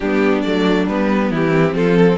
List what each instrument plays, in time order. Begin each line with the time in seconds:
0.00 cello G3, viola B3, violin D4 G4
0.41 cello F#3, viola A3, violin D5
0.87 cello G3, viola B3, violin B4
1.30 cello E3, violin E4 G4
1.49 viola C4
1.73 cello F3, violin F4 A4
1.97 violin A4
2.07 violin C4